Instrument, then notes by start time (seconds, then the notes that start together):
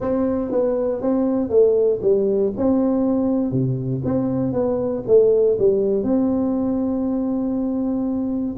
tuba
0.00 C4
0.51 B3
1.01 C4
1.49 A3
2.02 G3
2.57 C4
3.51 C3
4.04 C4
4.52 B3
5.07 A3
5.58 G3
6.03 C4